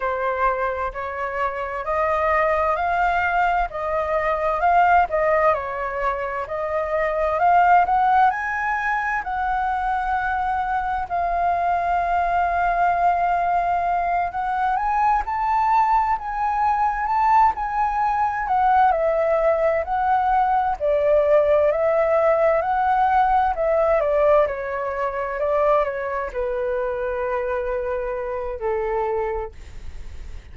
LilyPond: \new Staff \with { instrumentName = "flute" } { \time 4/4 \tempo 4 = 65 c''4 cis''4 dis''4 f''4 | dis''4 f''8 dis''8 cis''4 dis''4 | f''8 fis''8 gis''4 fis''2 | f''2.~ f''8 fis''8 |
gis''8 a''4 gis''4 a''8 gis''4 | fis''8 e''4 fis''4 d''4 e''8~ | e''8 fis''4 e''8 d''8 cis''4 d''8 | cis''8 b'2~ b'8 a'4 | }